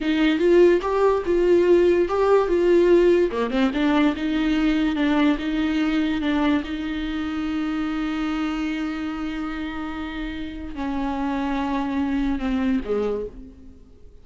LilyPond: \new Staff \with { instrumentName = "viola" } { \time 4/4 \tempo 4 = 145 dis'4 f'4 g'4 f'4~ | f'4 g'4 f'2 | ais8 c'8 d'4 dis'2 | d'4 dis'2 d'4 |
dis'1~ | dis'1~ | dis'2 cis'2~ | cis'2 c'4 gis4 | }